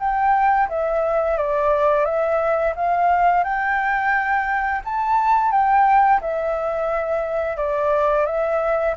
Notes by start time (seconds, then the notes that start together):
0.00 G5
0.69 E5
1.38 D5
2.05 E5
2.76 F5
3.44 G5
4.85 A5
5.52 G5
6.22 E5
7.57 D5
8.26 E5